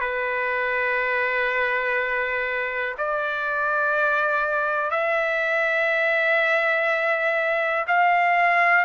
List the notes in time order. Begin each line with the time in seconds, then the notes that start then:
0.00 B4
2.98 D5
4.90 E5
7.87 F5